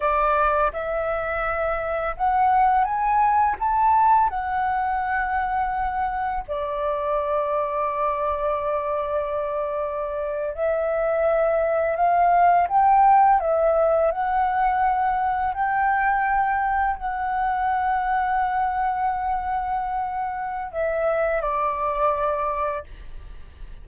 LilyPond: \new Staff \with { instrumentName = "flute" } { \time 4/4 \tempo 4 = 84 d''4 e''2 fis''4 | gis''4 a''4 fis''2~ | fis''4 d''2.~ | d''2~ d''8. e''4~ e''16~ |
e''8. f''4 g''4 e''4 fis''16~ | fis''4.~ fis''16 g''2 fis''16~ | fis''1~ | fis''4 e''4 d''2 | }